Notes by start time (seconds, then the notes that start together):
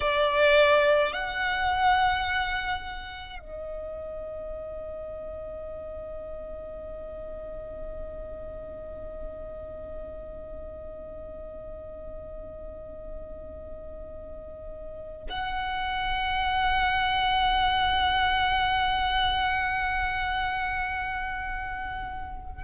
0.00 D5
1.12 F#5
3.39 D#5
15.29 F#5